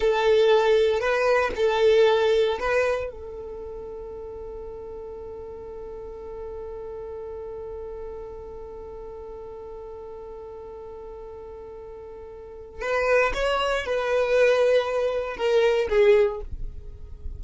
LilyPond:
\new Staff \with { instrumentName = "violin" } { \time 4/4 \tempo 4 = 117 a'2 b'4 a'4~ | a'4 b'4 a'2~ | a'1~ | a'1~ |
a'1~ | a'1~ | a'4 b'4 cis''4 b'4~ | b'2 ais'4 gis'4 | }